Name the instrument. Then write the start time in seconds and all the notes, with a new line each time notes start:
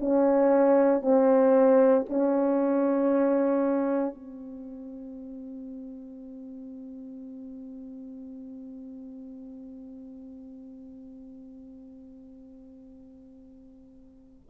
horn
0.00 C#4
1.02 C4
2.09 C#4
4.15 C4